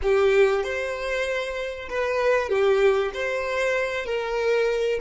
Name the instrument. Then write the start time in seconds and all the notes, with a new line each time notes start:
violin
0.02 G4
0.63 C5
1.89 B4
2.49 G4
3.14 C5
4.05 A#4